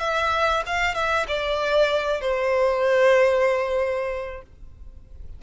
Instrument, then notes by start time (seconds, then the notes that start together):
violin
0.00 E5
0.66 F5
0.95 E5
1.28 D5
2.21 C5